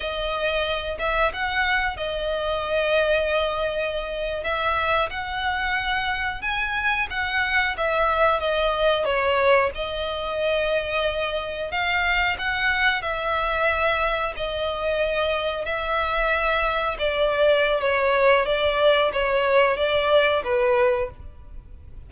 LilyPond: \new Staff \with { instrumentName = "violin" } { \time 4/4 \tempo 4 = 91 dis''4. e''8 fis''4 dis''4~ | dis''2~ dis''8. e''4 fis''16~ | fis''4.~ fis''16 gis''4 fis''4 e''16~ | e''8. dis''4 cis''4 dis''4~ dis''16~ |
dis''4.~ dis''16 f''4 fis''4 e''16~ | e''4.~ e''16 dis''2 e''16~ | e''4.~ e''16 d''4~ d''16 cis''4 | d''4 cis''4 d''4 b'4 | }